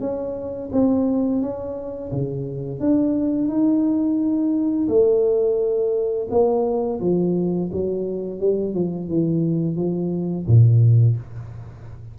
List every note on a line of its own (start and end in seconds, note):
0.00 0.70 C#4
0.72 1.42 C4
1.42 2.12 C#4
2.12 2.80 C#3
2.80 3.48 D4
3.48 4.88 D#4
4.88 6.28 A3
6.30 7.00 A#3
7.00 7.70 F3
7.72 8.40 F#3
8.40 8.74 G3
8.74 9.08 F3
9.08 9.76 E3
9.76 10.46 F3
10.47 11.17 A#2